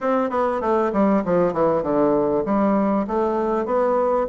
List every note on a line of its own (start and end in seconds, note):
0.00 0.29 C4
0.29 0.60 B3
0.60 0.91 A3
0.92 1.23 G3
1.24 1.53 F3
1.53 1.83 E3
1.83 2.44 D3
2.45 3.06 G3
3.07 3.65 A3
3.65 4.27 B3